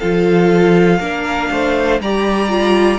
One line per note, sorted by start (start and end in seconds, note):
0.00 1.00 F3
0.00 1.01 F4
0.00 1.00 A4
0.00 2.00 F5
1.00 1.50 A#3
1.00 2.01 D4
1.00 1.50 A#4
1.51 2.00 A3
1.51 2.02 C5
2.00 2.99 G3
2.00 2.49 G4
2.00 2.99 D5
2.00 2.99 A#5
2.49 2.99 F4